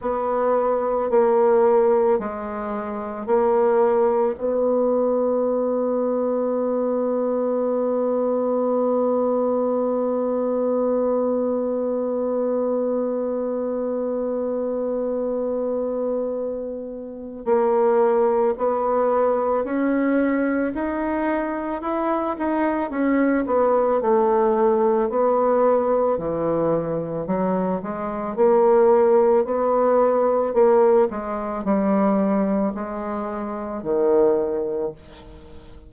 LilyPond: \new Staff \with { instrumentName = "bassoon" } { \time 4/4 \tempo 4 = 55 b4 ais4 gis4 ais4 | b1~ | b1~ | b1 |
ais4 b4 cis'4 dis'4 | e'8 dis'8 cis'8 b8 a4 b4 | e4 fis8 gis8 ais4 b4 | ais8 gis8 g4 gis4 dis4 | }